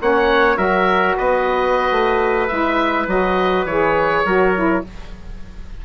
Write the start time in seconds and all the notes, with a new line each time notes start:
0.00 A#3 C#4 C#5 F#5
0.57 F#3 F#4 A#4 E5
1.17 B3 B4 D#5
1.91 A3
2.48 G#3 E4 E5
3.07 F#3 F#4 D#5
3.66 E3 G#4 C#5
4.26 F#3 F#4 A#4
4.56 E4